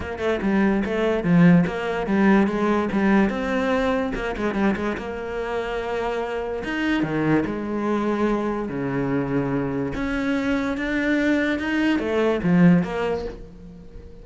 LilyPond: \new Staff \with { instrumentName = "cello" } { \time 4/4 \tempo 4 = 145 ais8 a8 g4 a4 f4 | ais4 g4 gis4 g4 | c'2 ais8 gis8 g8 gis8 | ais1 |
dis'4 dis4 gis2~ | gis4 cis2. | cis'2 d'2 | dis'4 a4 f4 ais4 | }